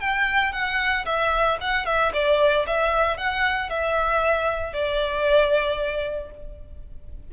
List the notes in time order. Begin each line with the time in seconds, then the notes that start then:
0.00 G5
0.53 F#5
1.06 E5
1.61 F#5
1.86 E5
2.13 D5
2.67 E5
3.17 F#5
3.70 E5
4.73 D5